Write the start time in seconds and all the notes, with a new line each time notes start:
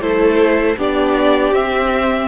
0.00 A3 E4 A4 C5
0.76 B3 D4 G4 D5
1.51 C4 E5